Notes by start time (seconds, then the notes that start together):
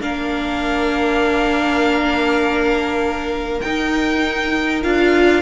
0.00 A#3 D4 A#4 F5
3.60 D#4 G5
4.83 D4 F4 F5